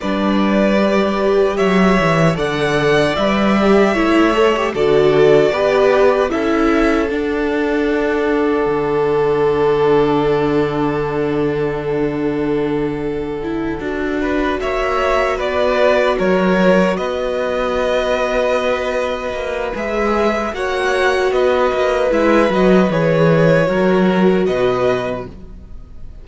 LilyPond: <<
  \new Staff \with { instrumentName = "violin" } { \time 4/4 \tempo 4 = 76 d''2 e''4 fis''4 | e''2 d''2 | e''4 fis''2.~ | fis''1~ |
fis''2~ fis''8 e''4 d''8~ | d''8 cis''4 dis''2~ dis''8~ | dis''4 e''4 fis''4 dis''4 | e''8 dis''8 cis''2 dis''4 | }
  \new Staff \with { instrumentName = "violin" } { \time 4/4 b'2 cis''4 d''4~ | d''4 cis''4 a'4 b'4 | a'1~ | a'1~ |
a'2 b'8 cis''4 b'8~ | b'8 ais'4 b'2~ b'8~ | b'2 cis''4 b'4~ | b'2 ais'4 b'4 | }
  \new Staff \with { instrumentName = "viola" } { \time 4/4 d'4 g'2 a'4 | b'8 g'8 e'8 a'16 g'16 fis'4 g'4 | e'4 d'2.~ | d'1~ |
d'4 e'8 fis'2~ fis'8~ | fis'1~ | fis'4 gis'4 fis'2 | e'8 fis'8 gis'4 fis'2 | }
  \new Staff \with { instrumentName = "cello" } { \time 4/4 g2 fis8 e8 d4 | g4 a4 d4 b4 | cis'4 d'2 d4~ | d1~ |
d4. d'4 ais4 b8~ | b8 fis4 b2~ b8~ | b8 ais8 gis4 ais4 b8 ais8 | gis8 fis8 e4 fis4 b,4 | }
>>